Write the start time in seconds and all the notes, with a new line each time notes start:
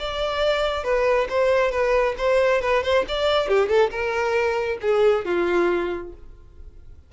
0.00 D5
0.84 B4
1.30 C5
1.72 B4
2.18 C5
2.62 B4
2.84 C5
3.09 D5
3.49 G4
3.69 A4
3.91 A#4
4.82 G#4
5.26 F4